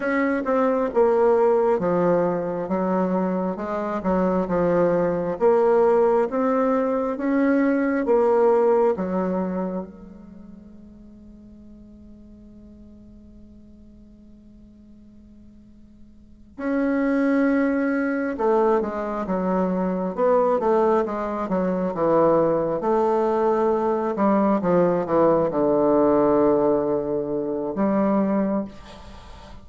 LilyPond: \new Staff \with { instrumentName = "bassoon" } { \time 4/4 \tempo 4 = 67 cis'8 c'8 ais4 f4 fis4 | gis8 fis8 f4 ais4 c'4 | cis'4 ais4 fis4 gis4~ | gis1~ |
gis2~ gis8 cis'4.~ | cis'8 a8 gis8 fis4 b8 a8 gis8 | fis8 e4 a4. g8 f8 | e8 d2~ d8 g4 | }